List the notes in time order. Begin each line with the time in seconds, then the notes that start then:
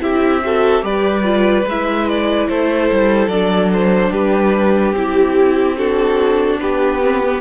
0.00 C4 E4 G4 E5
0.44 F#4 A4
0.82 G3 G4 B4 D5
1.23 F4
1.66 G#3 E4 E5
2.09 D5
2.48 A3 A4 C5
2.91 G3
3.27 F#3 D4 D5
3.73 C5
4.11 G3 G4 B4
4.92 C4 E4 G4
5.77 D4 F#4 A4
6.59 B3 G4 B4
7.02 C4
7.24 B3